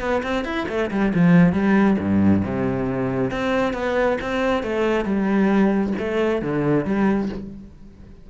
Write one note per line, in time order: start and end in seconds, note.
0.00 0.22 B3
0.23 0.45 C4
0.45 0.67 E4
0.69 0.91 A3
0.91 1.13 G3
1.14 1.53 F3
1.53 1.97 G3
1.99 2.43 G2
2.44 3.31 C3
3.31 3.74 C4
3.74 4.18 B3
4.21 4.63 C4
4.63 5.05 A3
5.05 5.93 G3
5.99 6.42 A3
6.42 6.85 D3
6.85 7.29 G3